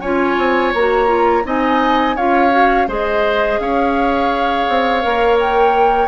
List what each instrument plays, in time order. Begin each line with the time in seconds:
0.00 bassoon C#4, clarinet F4, oboe C#5, flute G#5
0.37 bassoon C4
0.73 bassoon A#3, clarinet F#4, flute A#5
1.07 clarinet F4
1.44 bassoon C4, clarinet D#4, oboe D#5, flute G#5
2.15 bassoon C#4, clarinet F4, oboe C#5, flute F5
2.50 clarinet F#4
2.87 bassoon G#3, clarinet G#4, oboe C5, flute D#5
3.59 bassoon C#4, oboe C#5, flute F5
4.68 bassoon C4
5.01 bassoon A#3, clarinet A#4
5.39 flute G5